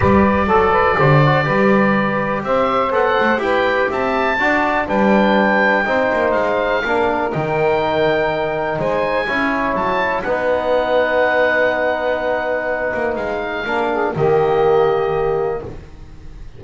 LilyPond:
<<
  \new Staff \with { instrumentName = "oboe" } { \time 4/4 \tempo 4 = 123 d''1~ | d''4 e''4 fis''4 g''4 | a''2 g''2~ | g''4 f''2 g''4~ |
g''2 gis''2 | a''4 fis''2.~ | fis''2. f''4~ | f''4 dis''2. | }
  \new Staff \with { instrumentName = "saxophone" } { \time 4/4 b'4 a'8 b'8 c''4 b'4~ | b'4 c''2 b'4 | e''4 d''4 b'2 | c''2 ais'2~ |
ais'2 c''4 cis''4~ | cis''4 b'2.~ | b'1 | ais'8 gis'8 g'2. | }
  \new Staff \with { instrumentName = "trombone" } { \time 4/4 g'4 a'4 g'8 fis'8 g'4~ | g'2 a'4 g'4~ | g'4 fis'4 d'2 | dis'2 d'4 dis'4~ |
dis'2. e'4~ | e'4 dis'2.~ | dis'1 | d'4 ais2. | }
  \new Staff \with { instrumentName = "double bass" } { \time 4/4 g4 fis4 d4 g4~ | g4 c'4 b8 a8 e'4 | c'4 d'4 g2 | c'8 ais8 gis4 ais4 dis4~ |
dis2 gis4 cis'4 | fis4 b2.~ | b2~ b8 ais8 gis4 | ais4 dis2. | }
>>